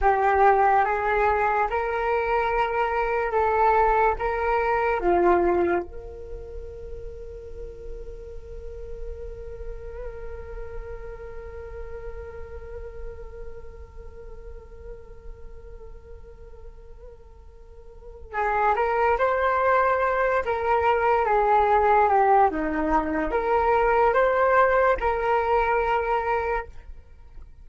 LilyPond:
\new Staff \with { instrumentName = "flute" } { \time 4/4 \tempo 4 = 72 g'4 gis'4 ais'2 | a'4 ais'4 f'4 ais'4~ | ais'1~ | ais'1~ |
ais'1~ | ais'2 gis'8 ais'8 c''4~ | c''8 ais'4 gis'4 g'8 dis'4 | ais'4 c''4 ais'2 | }